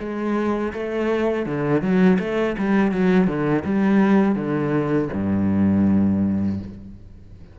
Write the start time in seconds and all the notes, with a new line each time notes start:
0.00 G#3
0.74 A3
1.46 D3
1.82 F#3
2.20 A3
2.58 G3
2.92 F#3
3.27 D3
3.65 G3
4.36 D3
5.14 G2